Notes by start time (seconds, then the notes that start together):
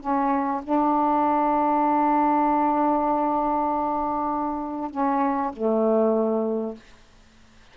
0.00 C#4
0.63 D4
4.91 C#4
5.53 A3